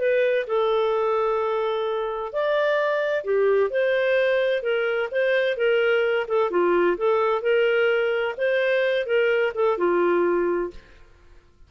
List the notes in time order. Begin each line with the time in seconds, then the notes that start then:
0.00 B4
0.47 A4
2.33 D5
3.25 G4
3.71 C5
4.63 A#4
5.12 C5
5.57 A#4
6.28 A4
6.51 F4
6.98 A4
7.42 A#4
8.38 C5
9.07 A#4
9.55 A4
9.78 F4